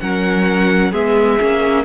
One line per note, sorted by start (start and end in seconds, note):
0.00 0.92 F#3
0.00 0.92 C#4
0.00 0.91 A#4
0.00 0.92 F#5
0.91 1.39 G#3
0.91 1.38 B3
0.91 1.83 G#4
0.91 1.84 E5
1.40 1.84 A#3
1.40 1.84 C#4